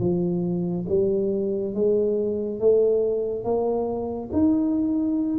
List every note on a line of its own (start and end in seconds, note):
0.00 0.86 F3
0.89 1.75 G3
1.75 2.60 G#3
2.60 3.44 A3
3.44 4.30 A#3
4.33 5.39 D#4